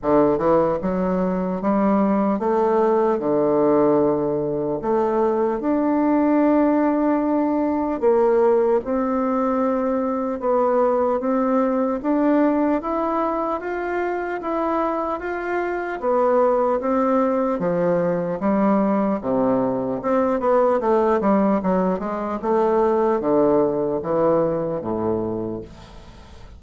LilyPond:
\new Staff \with { instrumentName = "bassoon" } { \time 4/4 \tempo 4 = 75 d8 e8 fis4 g4 a4 | d2 a4 d'4~ | d'2 ais4 c'4~ | c'4 b4 c'4 d'4 |
e'4 f'4 e'4 f'4 | b4 c'4 f4 g4 | c4 c'8 b8 a8 g8 fis8 gis8 | a4 d4 e4 a,4 | }